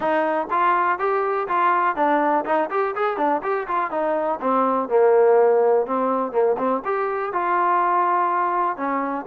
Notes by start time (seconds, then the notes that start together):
0.00 D#4
0.50 F4
0.98 G4
1.47 F4
1.96 D4
2.45 D#4
2.70 G4
2.95 G#4
3.17 D4
3.42 G4
3.67 F4
3.90 D#4
4.40 C4
4.88 A#3
5.86 C4
6.32 A#3
6.58 C4
6.84 G4
7.32 F4
8.76 C#4